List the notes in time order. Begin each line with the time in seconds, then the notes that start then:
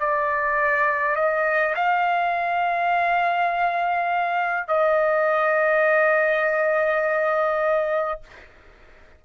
0.00 D5
1.16 D#5
1.75 F5
4.68 D#5